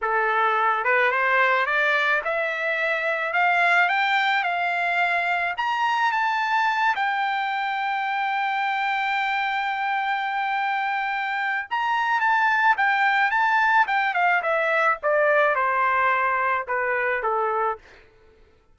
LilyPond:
\new Staff \with { instrumentName = "trumpet" } { \time 4/4 \tempo 4 = 108 a'4. b'8 c''4 d''4 | e''2 f''4 g''4 | f''2 ais''4 a''4~ | a''8 g''2.~ g''8~ |
g''1~ | g''4 ais''4 a''4 g''4 | a''4 g''8 f''8 e''4 d''4 | c''2 b'4 a'4 | }